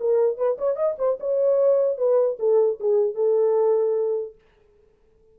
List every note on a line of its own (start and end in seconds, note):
0.00 0.37 A#4
0.37 0.57 B4
0.58 0.76 C#5
0.76 0.96 D#5
0.99 1.19 C5
1.20 1.98 C#5
1.98 2.38 B4
2.39 2.79 A4
2.80 3.15 G#4
3.15 4.35 A4